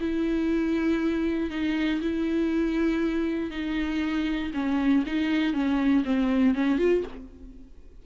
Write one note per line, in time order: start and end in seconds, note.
0.00 1.50 E4
1.50 2.00 D#4
2.01 3.51 E4
3.51 4.51 D#4
4.54 5.04 C#4
5.06 5.53 D#4
5.53 6.04 C#4
6.05 6.54 C4
6.54 6.78 C#4
6.78 7.03 F4